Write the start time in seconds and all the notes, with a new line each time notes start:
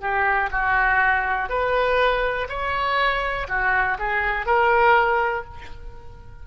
0.00 G4
0.51 F#4
1.49 B4
2.49 C#5
3.48 F#4
3.99 G#4
4.46 A#4